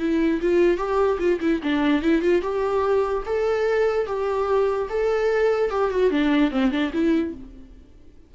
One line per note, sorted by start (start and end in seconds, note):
0.00 0.41 E4
0.42 0.78 F4
0.78 1.19 G4
1.19 1.40 F4
1.41 1.61 E4
1.63 2.03 D4
2.03 2.22 E4
2.22 2.42 F4
2.42 3.24 G4
3.26 4.07 A4
4.07 4.89 G4
4.90 5.71 A4
5.71 5.91 G4
5.91 6.11 F#4
6.11 6.51 D4
6.51 6.72 C4
6.72 6.92 D4
6.93 7.34 E4